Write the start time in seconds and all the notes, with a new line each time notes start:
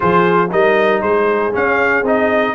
0.00 F3 F4 G#4 C5
0.51 G3 D#4 A#4 D#5
1.01 G#3 G#4 C5
1.52 C#4 F5
2.02 C4 D#4 D#5